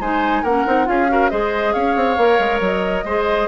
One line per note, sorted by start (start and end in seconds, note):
0.00 0.43 G#3
0.00 0.45 D#4
0.00 0.43 C5
0.00 0.45 G#5
0.43 0.65 A#3
0.43 0.66 C#4
0.43 0.86 A#4
0.43 0.88 F#5
0.66 0.88 C4
0.66 0.85 D#4
0.85 1.32 C#4
0.85 1.07 F4
0.85 1.11 G#4
0.85 1.30 F5
1.09 1.30 F#4
1.09 1.31 A#4
1.30 1.75 G#3
1.30 2.17 G#4
1.30 1.74 C5
1.30 1.73 D#5
1.73 1.96 C#4
1.73 3.04 C#5
1.73 2.60 F5
1.96 2.18 C4
2.18 2.39 A#3
2.18 3.06 A#4
2.39 2.60 G#3
2.60 3.04 F#3
2.60 3.48 D#5
3.05 3.48 G#3
3.05 3.48 G#4
3.05 3.48 C5